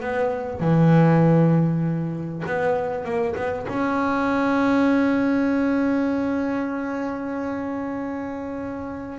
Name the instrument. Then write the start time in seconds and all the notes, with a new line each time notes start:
double bass
0.00 B3
0.60 E3
2.46 B3
3.04 A#3
3.35 B3
3.68 C#4